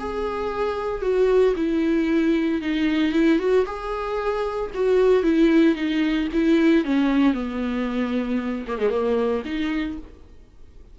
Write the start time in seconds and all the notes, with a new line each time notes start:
0.00 G#4
1.02 F#4
1.57 E4
2.62 D#4
3.13 E4
3.39 F#4
3.67 G#4
4.74 F#4
5.23 E4
5.76 D#4
6.33 E4
6.85 C#4
7.34 B3
8.68 A#3
8.79 G#3
8.90 A#3
9.45 D#4